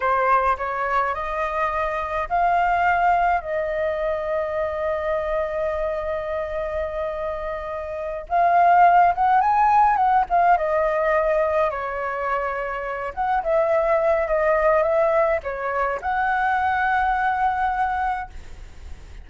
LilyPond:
\new Staff \with { instrumentName = "flute" } { \time 4/4 \tempo 4 = 105 c''4 cis''4 dis''2 | f''2 dis''2~ | dis''1~ | dis''2~ dis''8 f''4. |
fis''8 gis''4 fis''8 f''8 dis''4.~ | dis''8 cis''2~ cis''8 fis''8 e''8~ | e''4 dis''4 e''4 cis''4 | fis''1 | }